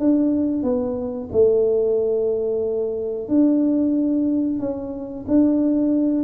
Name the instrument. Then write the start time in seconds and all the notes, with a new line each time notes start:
tuba
0.00 D4
0.63 B3
1.33 A3
3.28 D4
4.60 C#4
5.28 D4